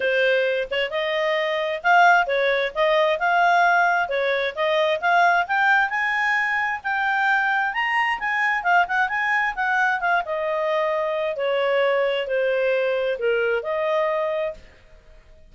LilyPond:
\new Staff \with { instrumentName = "clarinet" } { \time 4/4 \tempo 4 = 132 c''4. cis''8 dis''2 | f''4 cis''4 dis''4 f''4~ | f''4 cis''4 dis''4 f''4 | g''4 gis''2 g''4~ |
g''4 ais''4 gis''4 f''8 fis''8 | gis''4 fis''4 f''8 dis''4.~ | dis''4 cis''2 c''4~ | c''4 ais'4 dis''2 | }